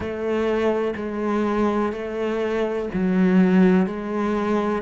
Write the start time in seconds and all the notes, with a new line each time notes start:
0.00 A3
0.95 G#3
1.92 A3
2.93 F#3
3.86 G#3